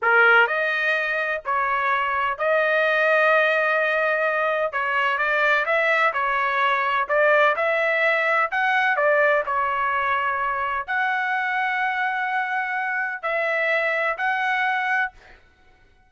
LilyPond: \new Staff \with { instrumentName = "trumpet" } { \time 4/4 \tempo 4 = 127 ais'4 dis''2 cis''4~ | cis''4 dis''2.~ | dis''2 cis''4 d''4 | e''4 cis''2 d''4 |
e''2 fis''4 d''4 | cis''2. fis''4~ | fis''1 | e''2 fis''2 | }